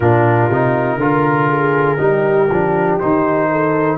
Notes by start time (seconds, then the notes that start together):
0.00 A#2 D4 F4 A#4
0.49 C3 D#4
0.97 D3 F4 A#4
1.48 G#4
1.97 G3 D#4 G4
2.50 F3 D4
2.99 D#3 D#4 C5
3.50 A4